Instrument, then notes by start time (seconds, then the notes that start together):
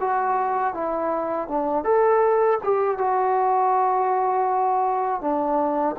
trombone
0.00 F#4
0.74 E4
1.48 D4
1.84 A4
2.64 G4
2.98 F#4
5.21 D4